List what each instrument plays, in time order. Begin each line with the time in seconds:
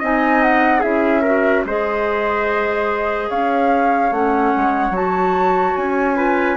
0.00 bassoon C4, clarinet D#4, trumpet D#5, flute G#5
0.43 flute F#5
0.80 bassoon C#4, clarinet E4, trumpet G#4, flute E5
1.22 clarinet F#4, trumpet A#4
1.65 bassoon G#3, clarinet G#4, trumpet C5, flute D#5
3.30 bassoon C#4, trumpet C#5, flute F5
4.12 bassoon A3, clarinet C#4, flute F#5
4.57 bassoon G#3
4.91 bassoon F#3, clarinet F#4, flute A5
5.76 bassoon C#4, flute G#5
6.16 clarinet F4, trumpet B4